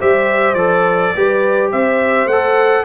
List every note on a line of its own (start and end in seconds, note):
0.00 0.55 G3
0.00 0.57 G4
0.00 1.15 C5
0.00 0.55 E5
0.55 1.12 F3
0.55 1.15 A4
0.55 1.69 D5
1.15 1.73 G3
1.15 2.30 G4
1.15 1.71 B4
1.71 2.26 C4
1.71 2.85 C5
1.71 2.28 E5
2.26 2.83 A3
2.26 2.86 A4
2.26 2.85 F#5